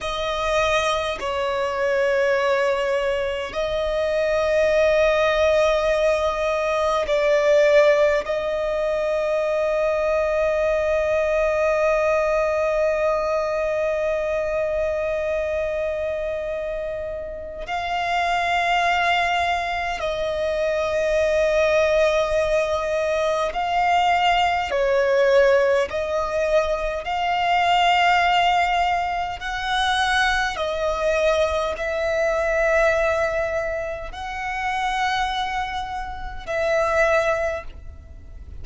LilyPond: \new Staff \with { instrumentName = "violin" } { \time 4/4 \tempo 4 = 51 dis''4 cis''2 dis''4~ | dis''2 d''4 dis''4~ | dis''1~ | dis''2. f''4~ |
f''4 dis''2. | f''4 cis''4 dis''4 f''4~ | f''4 fis''4 dis''4 e''4~ | e''4 fis''2 e''4 | }